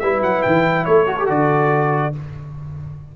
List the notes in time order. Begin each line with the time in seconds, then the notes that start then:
0.00 G3 E4 B4 E5
0.21 F#3 F#5
0.43 E3 G5
0.85 A3 A4 C#5
1.07 F#4
1.19 G4
1.27 D3 F#4 D5